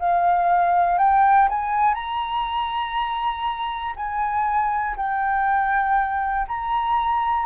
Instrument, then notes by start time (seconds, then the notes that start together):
flute
0.00 F5
0.99 G5
1.50 G#5
1.95 A#5
3.96 G#5
4.97 G5
6.48 A#5